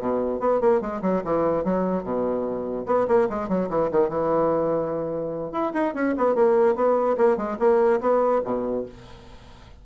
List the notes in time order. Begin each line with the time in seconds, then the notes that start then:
0.00 B2
0.40 B3
0.61 A#3
0.81 G#3
1.02 F#3
1.25 E3
1.65 F#3
2.04 B2
2.87 B3
3.08 A#3
3.30 G#3
3.49 F#3
3.70 E3
3.92 D#3
4.09 E3
5.52 E4
5.74 D#4
5.95 C#4
6.18 B3
6.35 A#3
6.76 B3
7.18 A#3
7.37 G#3
7.59 A#3
8.01 B3
8.45 B2